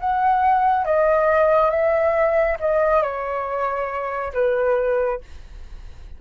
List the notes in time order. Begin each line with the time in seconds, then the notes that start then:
0.00 F#5
0.85 D#5
1.70 E5
2.60 D#5
3.02 C#5
4.34 B4